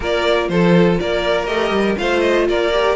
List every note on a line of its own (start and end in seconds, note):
0.00 0.48 A#3
0.00 1.46 F4
0.00 0.49 A#4
0.00 0.48 D5
0.48 0.98 F3
0.48 1.00 A4
0.48 0.98 C5
0.99 1.47 A#3
0.99 1.98 A#4
0.99 1.45 D5
1.45 1.71 A3
1.45 1.96 G4
1.45 1.95 D#5
1.71 1.95 G3
1.98 2.48 A3
1.98 2.72 F4
1.98 2.48 C5
1.98 2.20 F5
2.20 2.45 D#5
2.48 2.95 A#3
2.48 2.95 A#4
2.48 2.95 D5
2.72 2.95 G4